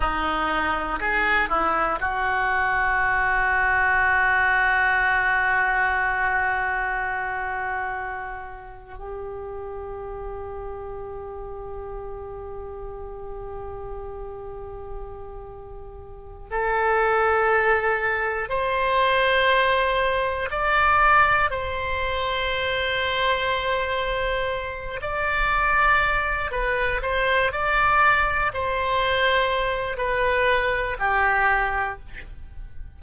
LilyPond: \new Staff \with { instrumentName = "oboe" } { \time 4/4 \tempo 4 = 60 dis'4 gis'8 e'8 fis'2~ | fis'1~ | fis'4 g'2.~ | g'1~ |
g'8 a'2 c''4.~ | c''8 d''4 c''2~ c''8~ | c''4 d''4. b'8 c''8 d''8~ | d''8 c''4. b'4 g'4 | }